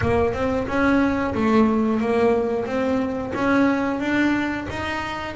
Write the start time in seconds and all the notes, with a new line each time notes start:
0.01 A#3
0.33 C4
0.67 C#4
1.34 A3
2.00 A#3
2.65 C4
3.34 C#4
4.00 D4
4.69 D#4